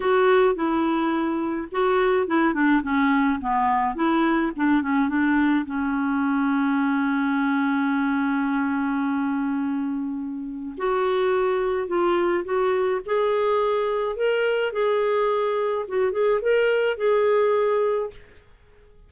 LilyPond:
\new Staff \with { instrumentName = "clarinet" } { \time 4/4 \tempo 4 = 106 fis'4 e'2 fis'4 | e'8 d'8 cis'4 b4 e'4 | d'8 cis'8 d'4 cis'2~ | cis'1~ |
cis'2. fis'4~ | fis'4 f'4 fis'4 gis'4~ | gis'4 ais'4 gis'2 | fis'8 gis'8 ais'4 gis'2 | }